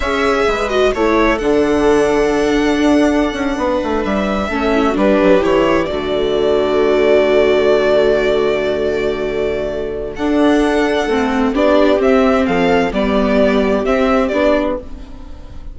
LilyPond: <<
  \new Staff \with { instrumentName = "violin" } { \time 4/4 \tempo 4 = 130 e''4. dis''8 cis''4 fis''4~ | fis''1~ | fis''8. e''2 b'4 cis''16~ | cis''8. d''2.~ d''16~ |
d''1~ | d''2 fis''2~ | fis''4 d''4 e''4 f''4 | d''2 e''4 d''4 | }
  \new Staff \with { instrumentName = "viola" } { \time 4/4 cis''4 b'4 a'2~ | a'2.~ a'8. b'16~ | b'4.~ b'16 a'8 e'16 fis'16 g'4~ g'16~ | g'8. fis'2.~ fis'16~ |
fis'1~ | fis'2 a'2~ | a'4 g'2 a'4 | g'1 | }
  \new Staff \with { instrumentName = "viola" } { \time 4/4 gis'4. fis'8 e'4 d'4~ | d'1~ | d'4.~ d'16 cis'4 d'4 e'16~ | e'8. a2.~ a16~ |
a1~ | a2 d'2 | c'4 d'4 c'2 | b2 c'4 d'4 | }
  \new Staff \with { instrumentName = "bassoon" } { \time 4/4 cis'4 gis4 a4 d4~ | d2 d'4~ d'16 cis'8 b16~ | b16 a8 g4 a4 g8 fis8 e16~ | e8. d2.~ d16~ |
d1~ | d2 d'2 | a4 b4 c'4 f4 | g2 c'4 b4 | }
>>